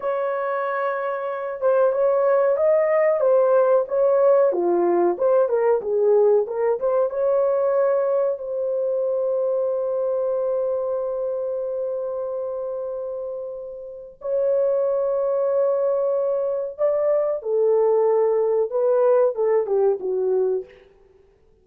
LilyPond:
\new Staff \with { instrumentName = "horn" } { \time 4/4 \tempo 4 = 93 cis''2~ cis''8 c''8 cis''4 | dis''4 c''4 cis''4 f'4 | c''8 ais'8 gis'4 ais'8 c''8 cis''4~ | cis''4 c''2.~ |
c''1~ | c''2 cis''2~ | cis''2 d''4 a'4~ | a'4 b'4 a'8 g'8 fis'4 | }